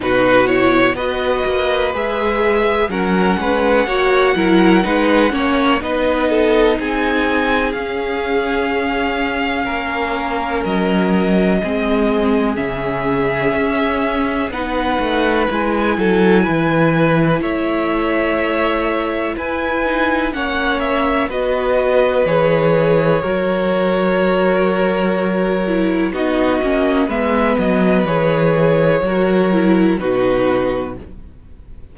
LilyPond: <<
  \new Staff \with { instrumentName = "violin" } { \time 4/4 \tempo 4 = 62 b'8 cis''8 dis''4 e''4 fis''4~ | fis''2 dis''4 gis''4 | f''2. dis''4~ | dis''4 e''2 fis''4 |
gis''2 e''2 | gis''4 fis''8 e''8 dis''4 cis''4~ | cis''2. dis''4 | e''8 dis''8 cis''2 b'4 | }
  \new Staff \with { instrumentName = "violin" } { \time 4/4 fis'4 b'2 ais'8 b'8 | cis''8 ais'8 b'8 cis''8 b'8 a'8 gis'4~ | gis'2 ais'2 | gis'2. b'4~ |
b'8 a'8 b'4 cis''2 | b'4 cis''4 b'2 | ais'2. fis'4 | b'2 ais'4 fis'4 | }
  \new Staff \with { instrumentName = "viola" } { \time 4/4 dis'8 e'8 fis'4 gis'4 cis'4 | fis'8 e'8 dis'8 cis'8 dis'2 | cis'1 | c'4 cis'2 dis'4 |
e'1~ | e'8 dis'8 cis'4 fis'4 gis'4 | fis'2~ fis'8 e'8 dis'8 cis'8 | b4 gis'4 fis'8 e'8 dis'4 | }
  \new Staff \with { instrumentName = "cello" } { \time 4/4 b,4 b8 ais8 gis4 fis8 gis8 | ais8 fis8 gis8 ais8 b4 c'4 | cis'2 ais4 fis4 | gis4 cis4 cis'4 b8 a8 |
gis8 fis8 e4 a2 | e'4 ais4 b4 e4 | fis2. b8 ais8 | gis8 fis8 e4 fis4 b,4 | }
>>